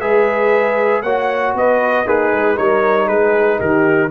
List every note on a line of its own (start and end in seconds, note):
0.00 1.02 G#3
0.00 1.03 G#4
0.00 1.03 B4
0.00 1.02 E5
1.02 1.54 A#3
1.02 2.05 F#4
1.02 1.54 C#5
1.02 1.53 F#5
1.54 2.05 B3
1.54 2.05 B4
1.54 2.07 D#5
2.05 2.31 A#3
2.05 2.55 D#4
2.05 2.55 G#4
2.05 2.57 B4
2.31 2.57 G#3
2.55 3.09 G3
2.55 4.09 D#4
2.55 3.06 A#4
2.55 3.08 C#5
3.06 3.60 G#3
3.06 3.58 G#4
3.06 3.59 B4
3.58 4.11 D#3
3.58 4.09 G4
3.58 4.11 A#4